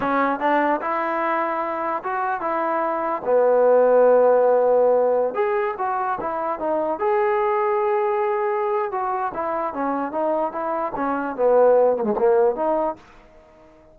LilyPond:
\new Staff \with { instrumentName = "trombone" } { \time 4/4 \tempo 4 = 148 cis'4 d'4 e'2~ | e'4 fis'4 e'2 | b1~ | b4~ b16 gis'4 fis'4 e'8.~ |
e'16 dis'4 gis'2~ gis'8.~ | gis'2 fis'4 e'4 | cis'4 dis'4 e'4 cis'4 | b4. ais16 gis16 ais4 dis'4 | }